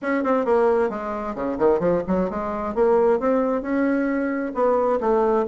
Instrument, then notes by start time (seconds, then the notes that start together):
bassoon
0.01 C#4
0.23 C4
0.45 A#3
0.89 G#3
1.35 C#3
1.58 D#3
1.79 F3
2.07 F#3
2.30 G#3
2.74 A#3
3.19 C4
3.61 C#4
4.54 B3
5.00 A3